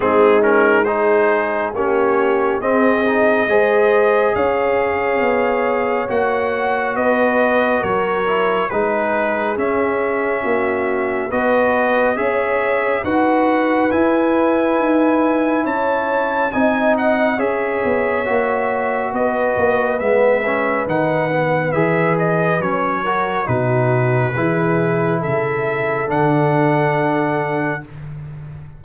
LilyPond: <<
  \new Staff \with { instrumentName = "trumpet" } { \time 4/4 \tempo 4 = 69 gis'8 ais'8 c''4 cis''4 dis''4~ | dis''4 f''2 fis''4 | dis''4 cis''4 b'4 e''4~ | e''4 dis''4 e''4 fis''4 |
gis''2 a''4 gis''8 fis''8 | e''2 dis''4 e''4 | fis''4 e''8 dis''8 cis''4 b'4~ | b'4 e''4 fis''2 | }
  \new Staff \with { instrumentName = "horn" } { \time 4/4 dis'4 gis'4 g'4 gis'4 | c''4 cis''2. | b'4 ais'4 gis'2 | fis'4 b'4 cis''4 b'4~ |
b'2 cis''4 dis''4 | cis''2 b'2~ | b'2~ b'8 ais'8 fis'4 | gis'4 a'2. | }
  \new Staff \with { instrumentName = "trombone" } { \time 4/4 c'8 cis'8 dis'4 cis'4 c'8 dis'8 | gis'2. fis'4~ | fis'4. e'8 dis'4 cis'4~ | cis'4 fis'4 gis'4 fis'4 |
e'2. dis'4 | gis'4 fis'2 b8 cis'8 | dis'8 b8 gis'4 cis'8 fis'8 dis'4 | e'2 d'2 | }
  \new Staff \with { instrumentName = "tuba" } { \time 4/4 gis2 ais4 c'4 | gis4 cis'4 b4 ais4 | b4 fis4 gis4 cis'4 | ais4 b4 cis'4 dis'4 |
e'4 dis'4 cis'4 c'4 | cis'8 b8 ais4 b8 ais8 gis4 | dis4 e4 fis4 b,4 | e4 cis4 d2 | }
>>